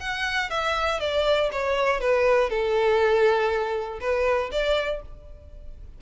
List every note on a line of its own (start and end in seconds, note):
0.00 0.50 F#5
0.50 1.00 E5
1.00 1.50 D5
1.52 2.00 C#5
2.00 2.50 B4
2.50 4.00 A4
4.00 4.50 B4
4.52 5.02 D5